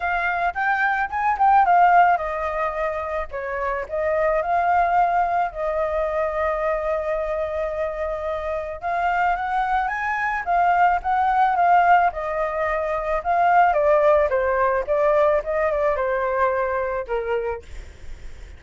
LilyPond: \new Staff \with { instrumentName = "flute" } { \time 4/4 \tempo 4 = 109 f''4 g''4 gis''8 g''8 f''4 | dis''2 cis''4 dis''4 | f''2 dis''2~ | dis''1 |
f''4 fis''4 gis''4 f''4 | fis''4 f''4 dis''2 | f''4 d''4 c''4 d''4 | dis''8 d''8 c''2 ais'4 | }